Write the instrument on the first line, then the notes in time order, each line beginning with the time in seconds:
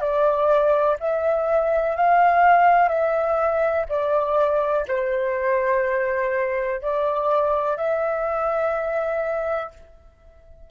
flute
0.00 D5
0.99 E5
1.96 F5
2.89 E5
3.89 D5
4.87 C5
6.81 D5
7.77 E5